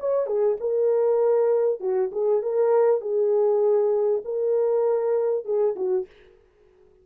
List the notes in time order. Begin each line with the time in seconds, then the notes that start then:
0.00 C#5
0.27 G#4
0.61 A#4
1.80 F#4
2.12 G#4
2.42 A#4
3.01 G#4
4.25 A#4
5.45 G#4
5.76 F#4